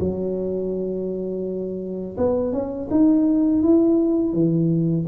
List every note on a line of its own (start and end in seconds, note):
0.00 2.17 F#3
2.18 2.53 B3
2.53 2.89 C#4
2.91 3.63 D#4
3.63 4.33 E4
4.33 5.05 E3